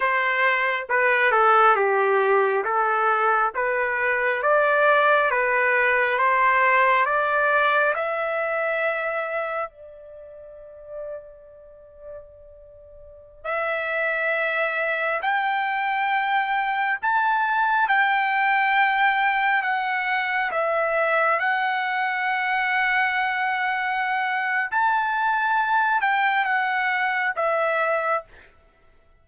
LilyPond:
\new Staff \with { instrumentName = "trumpet" } { \time 4/4 \tempo 4 = 68 c''4 b'8 a'8 g'4 a'4 | b'4 d''4 b'4 c''4 | d''4 e''2 d''4~ | d''2.~ d''16 e''8.~ |
e''4~ e''16 g''2 a''8.~ | a''16 g''2 fis''4 e''8.~ | e''16 fis''2.~ fis''8. | a''4. g''8 fis''4 e''4 | }